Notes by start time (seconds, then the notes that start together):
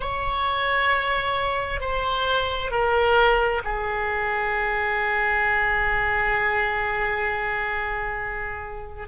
0.00 C#5
1.80 C5
2.71 A#4
3.64 G#4